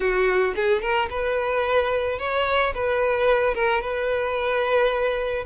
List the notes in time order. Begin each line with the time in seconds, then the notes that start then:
0.00 F#4
0.55 G#4
0.81 A#4
1.09 B4
2.18 C#5
2.74 B4
3.54 A#4
3.81 B4